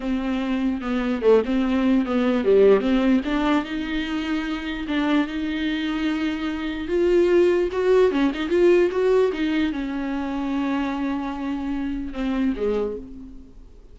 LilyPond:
\new Staff \with { instrumentName = "viola" } { \time 4/4 \tempo 4 = 148 c'2 b4 a8 c'8~ | c'4 b4 g4 c'4 | d'4 dis'2. | d'4 dis'2.~ |
dis'4 f'2 fis'4 | cis'8 dis'8 f'4 fis'4 dis'4 | cis'1~ | cis'2 c'4 gis4 | }